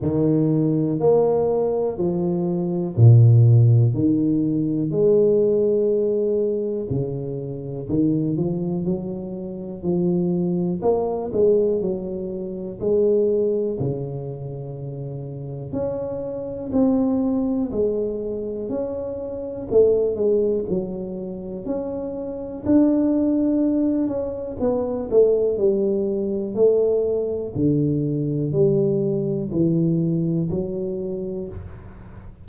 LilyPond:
\new Staff \with { instrumentName = "tuba" } { \time 4/4 \tempo 4 = 61 dis4 ais4 f4 ais,4 | dis4 gis2 cis4 | dis8 f8 fis4 f4 ais8 gis8 | fis4 gis4 cis2 |
cis'4 c'4 gis4 cis'4 | a8 gis8 fis4 cis'4 d'4~ | d'8 cis'8 b8 a8 g4 a4 | d4 g4 e4 fis4 | }